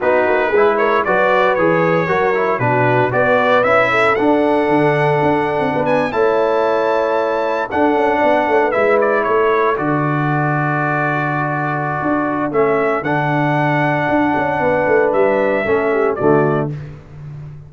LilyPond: <<
  \new Staff \with { instrumentName = "trumpet" } { \time 4/4 \tempo 4 = 115 b'4. cis''8 d''4 cis''4~ | cis''4 b'4 d''4 e''4 | fis''2.~ fis''16 gis''8 a''16~ | a''2~ a''8. fis''4~ fis''16~ |
fis''8. e''8 d''8 cis''4 d''4~ d''16~ | d''1 | e''4 fis''2.~ | fis''4 e''2 d''4 | }
  \new Staff \with { instrumentName = "horn" } { \time 4/4 fis'4 gis'8 ais'8 b'2 | ais'4 fis'4 b'4. a'8~ | a'2. b'8. cis''16~ | cis''2~ cis''8. a'4 d''16~ |
d''16 cis''16 b'4~ b'16 a'2~ a'16~ | a'1~ | a'1 | b'2 a'8 g'8 fis'4 | }
  \new Staff \with { instrumentName = "trombone" } { \time 4/4 dis'4 e'4 fis'4 gis'4 | fis'8 e'8 d'4 fis'4 e'4 | d'2.~ d'8. e'16~ | e'2~ e'8. d'4~ d'16~ |
d'8. e'2 fis'4~ fis'16~ | fis'1 | cis'4 d'2.~ | d'2 cis'4 a4 | }
  \new Staff \with { instrumentName = "tuba" } { \time 4/4 b8 ais8 gis4 fis4 e4 | fis4 b,4 b4 cis'4 | d'4 d4 d'8. c'16 b8. a16~ | a2~ a8. d'8 cis'8 b16~ |
b16 a8 gis4 a4 d4~ d16~ | d2. d'4 | a4 d2 d'8 cis'8 | b8 a8 g4 a4 d4 | }
>>